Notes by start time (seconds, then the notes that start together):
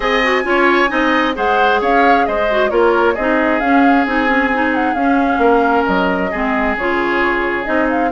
0.00 C4 G#4 D#5 G#5
0.23 F#4
0.43 C#4 F4 C#5
0.88 C4 D#4 D#5
1.35 G#3 G#4 C5 F#5
1.80 C#4 C#5 F5
2.26 G#3 C5 D#5
2.50 F#4
2.70 A#3 F4 A#4 C#5
3.14 C4 D#4 G#4 D#5
3.60 C#4 F5
4.05 C4 D#4 G#5
4.27 C#4
4.53 D#4
4.74 F#5
4.94 C#4 F5
5.38 A#3 A#4
5.85 F#3 D#5
6.31 G#3 C4 G#4
6.76 C#3 F4 C#5
7.64 C4 D#4 D#5
7.89 F5